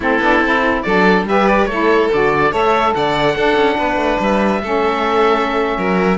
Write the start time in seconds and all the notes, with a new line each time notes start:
0.00 A3 C4 E4 A4
0.19 B3 D4
0.40 C4 E4
0.82 F#3 D4 A4 D5
1.23 G3 G4 B4 E5
1.47 D5
1.65 A3 E4 A4 C#5
2.12 D3 F#4 D5
2.50 A3 A4 C#5 E5
2.94 D3 D5 F#5
3.35 D4 A4
3.56 C#4
3.77 B3 B4
3.96 A3
4.20 G3 E5
4.61 A3 C#4 A4
5.77 F#3 A#4